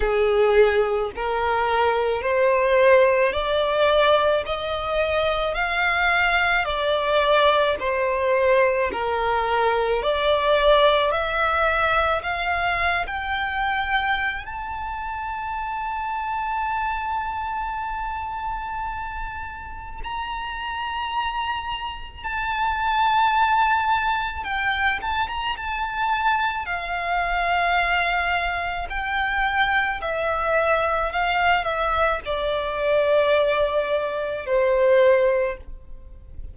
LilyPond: \new Staff \with { instrumentName = "violin" } { \time 4/4 \tempo 4 = 54 gis'4 ais'4 c''4 d''4 | dis''4 f''4 d''4 c''4 | ais'4 d''4 e''4 f''8. g''16~ | g''4 a''2.~ |
a''2 ais''2 | a''2 g''8 a''16 ais''16 a''4 | f''2 g''4 e''4 | f''8 e''8 d''2 c''4 | }